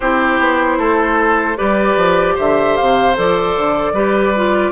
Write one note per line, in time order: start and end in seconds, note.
0.00 0.39 C4
0.00 1.56 E4
0.00 0.78 G4
0.00 1.57 C5
0.39 0.77 B3
0.77 1.56 A3
0.77 1.57 A4
1.56 1.96 G3
1.56 3.14 G4
1.56 2.35 B4
1.56 2.36 D5
1.96 2.36 F3
2.35 2.78 D3
2.35 3.92 C5
2.35 2.76 E5
2.76 3.17 C3
2.76 3.15 F5
3.15 3.56 F3
3.15 3.94 A4
3.15 4.72 D5
3.56 3.92 D3
3.92 4.71 G3
3.92 4.33 G4
3.92 4.72 B4
4.36 4.72 F4